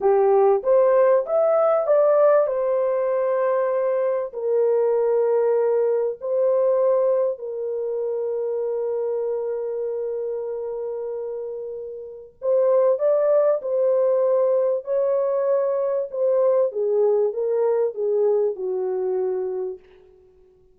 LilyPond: \new Staff \with { instrumentName = "horn" } { \time 4/4 \tempo 4 = 97 g'4 c''4 e''4 d''4 | c''2. ais'4~ | ais'2 c''2 | ais'1~ |
ais'1 | c''4 d''4 c''2 | cis''2 c''4 gis'4 | ais'4 gis'4 fis'2 | }